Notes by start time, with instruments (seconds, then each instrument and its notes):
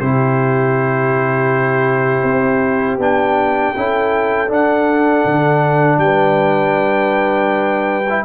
0.00 tuba C3, trombone E4, horn G4, trumpet C5
2.24 tuba C4
2.98 tuba B3, trombone D4, trumpet G5
3.76 tuba C#4, trombone E4, horn A4
4.48 trombone D4, tuba D4, trumpet F#5
5.25 tuba D3
5.98 tuba G3, trumpet G5
6.04 horn B4
8.10 trombone E4